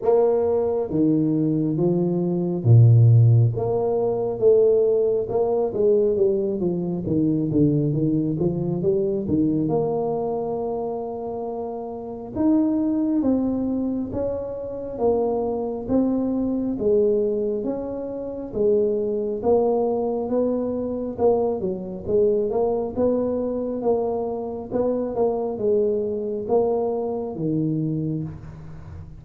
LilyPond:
\new Staff \with { instrumentName = "tuba" } { \time 4/4 \tempo 4 = 68 ais4 dis4 f4 ais,4 | ais4 a4 ais8 gis8 g8 f8 | dis8 d8 dis8 f8 g8 dis8 ais4~ | ais2 dis'4 c'4 |
cis'4 ais4 c'4 gis4 | cis'4 gis4 ais4 b4 | ais8 fis8 gis8 ais8 b4 ais4 | b8 ais8 gis4 ais4 dis4 | }